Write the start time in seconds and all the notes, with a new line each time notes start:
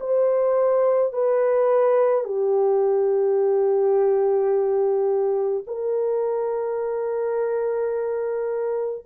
0.00 C5
1.13 B4
2.24 G4
5.67 A#4